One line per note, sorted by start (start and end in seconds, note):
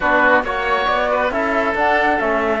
0.00 0.43 B3
0.00 0.44 D4
0.00 0.43 F#4
0.00 0.43 B4
0.43 0.87 A#3
0.43 1.31 F#4
0.43 0.86 C#5
0.43 1.10 C#5
0.86 1.30 B3
0.86 1.30 D5
1.10 1.32 B4
1.30 1.74 C#4
1.30 1.75 E4
1.30 2.60 A4
1.30 1.74 E5
1.74 2.18 D4
1.74 2.19 D4
1.74 2.19 F#5
2.19 2.60 A3
2.19 2.60 C#4
2.19 2.60 E5